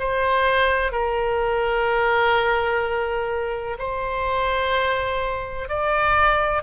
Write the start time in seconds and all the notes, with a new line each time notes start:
0.00 C5
0.92 A#4
3.79 C5
5.69 D5